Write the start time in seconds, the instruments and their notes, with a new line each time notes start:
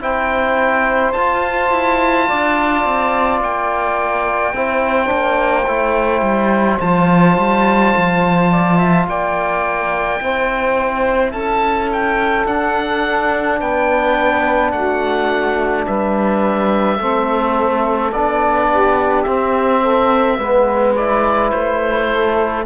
0.00 cello C4, trombone E4, saxophone C5, oboe G5
1.12 cello F4, trombone F4, oboe A5
1.71 cello E4
2.27 cello D4, saxophone D5
2.84 cello C4
3.40 cello A#3, oboe G5
4.53 cello C4, trombone E4, saxophone C5
5.06 cello A#3, trombone D4
5.66 cello A3, trombone E4
6.21 cello G3
6.80 cello F3, trombone F4, oboe A5
7.37 cello G3
7.96 cello F3
8.51 saxophone D5
8.77 saxophone E5
9.07 cello A#3, saxophone D5, oboe G5
10.19 cello C4, trombone E4, saxophone C5
11.32 cello C#4, saxophone A4, oboe A5
11.92 oboe G5
12.45 trombone D4, cello D4, oboe F#5
13.58 cello B3, saxophone B4, oboe G5
14.71 cello A3, saxophone F#4, oboe F#5
15.86 cello G3, saxophone B4, oboe E5
16.98 cello A3, trombone C4, saxophone A4
18.12 cello B3, trombone D4, oboe D5
18.70 saxophone G4
19.23 trombone C4, cello C4, oboe E5
19.80 saxophone A4
20.37 cello G#3, trombone B3, saxophone B4
20.96 trombone E4, oboe D5
21.50 cello A3, oboe C5
22.09 saxophone A4